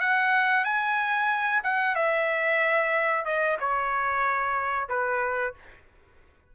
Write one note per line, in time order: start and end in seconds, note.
0.00 0.64 F#5
0.64 1.62 G#5
1.64 1.95 F#5
1.95 3.25 E5
3.25 3.58 D#5
3.60 4.89 C#5
4.89 5.54 B4